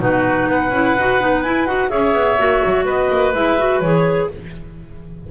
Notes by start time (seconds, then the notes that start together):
0.00 B2 D#4 F#4 B4
0.47 B3 B4 F#5
0.70 C#4 E4
0.97 D#4 F#4
1.20 B3 D#4
1.43 E4 G#5
1.66 D#4 F#4 F#5
1.90 C#4 G#4 C#5 E5
2.14 B3
2.39 A#3 F#4
2.65 F#3
2.86 B3 B4 D#5
3.11 A#3
3.34 G#3 E4 E5
3.59 F#4
3.80 E3 G#4 C#5